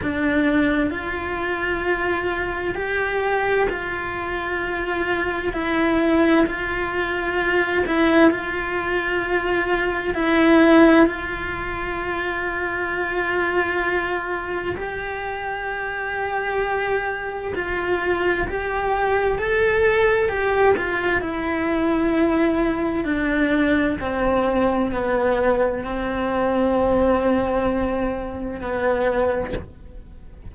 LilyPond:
\new Staff \with { instrumentName = "cello" } { \time 4/4 \tempo 4 = 65 d'4 f'2 g'4 | f'2 e'4 f'4~ | f'8 e'8 f'2 e'4 | f'1 |
g'2. f'4 | g'4 a'4 g'8 f'8 e'4~ | e'4 d'4 c'4 b4 | c'2. b4 | }